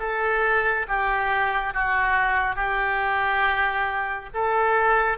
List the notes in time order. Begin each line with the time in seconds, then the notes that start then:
0.00 A4
0.88 G4
1.74 F#4
2.56 G4
4.34 A4